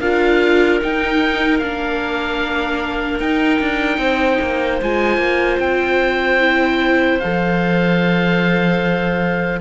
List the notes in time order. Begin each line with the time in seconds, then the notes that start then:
0.00 D4 F4 A#4 F5
0.81 D#4 G5
1.59 A#3 D4 F5
3.20 D#4 G5
3.61 D4
3.98 C4 C5
4.42 A#3
4.83 G#3 F4 G#5
5.18 A#3
5.60 C4 G5
6.40 E4
7.20 F3 A4 F5